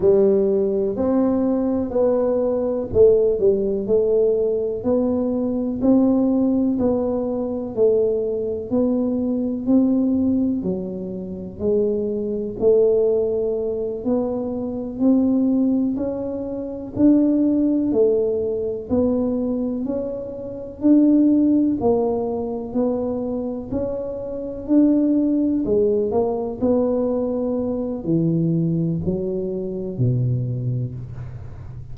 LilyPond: \new Staff \with { instrumentName = "tuba" } { \time 4/4 \tempo 4 = 62 g4 c'4 b4 a8 g8 | a4 b4 c'4 b4 | a4 b4 c'4 fis4 | gis4 a4. b4 c'8~ |
c'8 cis'4 d'4 a4 b8~ | b8 cis'4 d'4 ais4 b8~ | b8 cis'4 d'4 gis8 ais8 b8~ | b4 e4 fis4 b,4 | }